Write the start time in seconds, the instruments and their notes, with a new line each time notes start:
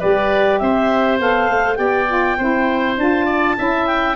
0.00 tuba G3, saxophone G4, oboe B4, clarinet D5
0.59 tuba C4, oboe C5, clarinet E5
1.20 tuba B3, saxophone A4, clarinet F5
1.49 tuba A3
1.76 tuba B3, saxophone G4, oboe D5, clarinet G5
2.08 saxophone F4
2.38 tuba C4, saxophone E4, oboe C5
2.98 tuba D4, saxophone F4, clarinet A5
3.26 oboe D5
3.57 tuba C#4, saxophone E4, oboe E5
3.87 clarinet G5